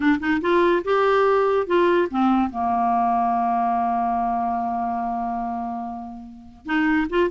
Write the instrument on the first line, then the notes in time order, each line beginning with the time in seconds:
clarinet
0.00 D4
0.20 D#4
0.41 F4
0.84 G4
1.66 F4
2.10 C4
2.50 A#3
6.65 D#4
7.09 F4